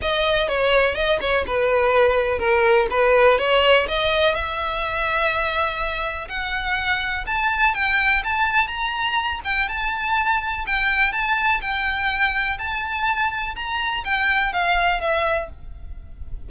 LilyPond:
\new Staff \with { instrumentName = "violin" } { \time 4/4 \tempo 4 = 124 dis''4 cis''4 dis''8 cis''8 b'4~ | b'4 ais'4 b'4 cis''4 | dis''4 e''2.~ | e''4 fis''2 a''4 |
g''4 a''4 ais''4. g''8 | a''2 g''4 a''4 | g''2 a''2 | ais''4 g''4 f''4 e''4 | }